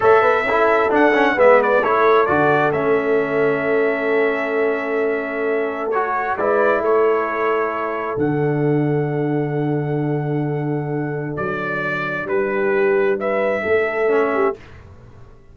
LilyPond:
<<
  \new Staff \with { instrumentName = "trumpet" } { \time 4/4 \tempo 4 = 132 e''2 fis''4 e''8 d''8 | cis''4 d''4 e''2~ | e''1~ | e''4 cis''4 d''4 cis''4~ |
cis''2 fis''2~ | fis''1~ | fis''4 d''2 b'4~ | b'4 e''2. | }
  \new Staff \with { instrumentName = "horn" } { \time 4/4 cis''8 b'8 a'2 b'4 | a'1~ | a'1~ | a'2 b'4 a'4~ |
a'1~ | a'1~ | a'2. g'4~ | g'4 b'4 a'4. g'8 | }
  \new Staff \with { instrumentName = "trombone" } { \time 4/4 a'4 e'4 d'8 cis'8 b4 | e'4 fis'4 cis'2~ | cis'1~ | cis'4 fis'4 e'2~ |
e'2 d'2~ | d'1~ | d'1~ | d'2. cis'4 | }
  \new Staff \with { instrumentName = "tuba" } { \time 4/4 a8 b8 cis'4 d'4 gis4 | a4 d4 a2~ | a1~ | a2 gis4 a4~ |
a2 d2~ | d1~ | d4 fis2 g4~ | g2 a2 | }
>>